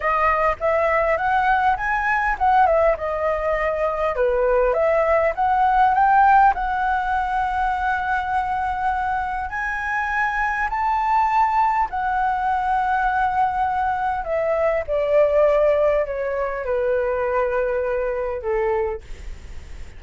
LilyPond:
\new Staff \with { instrumentName = "flute" } { \time 4/4 \tempo 4 = 101 dis''4 e''4 fis''4 gis''4 | fis''8 e''8 dis''2 b'4 | e''4 fis''4 g''4 fis''4~ | fis''1 |
gis''2 a''2 | fis''1 | e''4 d''2 cis''4 | b'2. a'4 | }